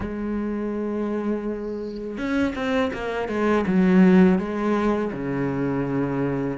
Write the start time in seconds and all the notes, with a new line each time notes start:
0.00 G#3
2.17 C#4
2.55 C4
2.93 A#3
3.28 G#3
3.67 F#3
4.38 G#3
5.12 C#3